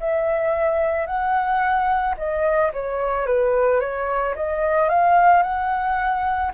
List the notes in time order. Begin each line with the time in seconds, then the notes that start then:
0.00 E5
1.06 F#5
2.17 D#5
2.73 C#5
3.26 B4
3.80 C#5
4.35 D#5
4.89 F5
5.42 F#5